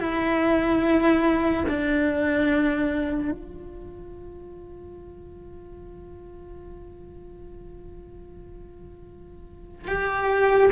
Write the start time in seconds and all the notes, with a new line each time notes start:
0.00 E4
1.68 D4
3.31 F4
9.87 G4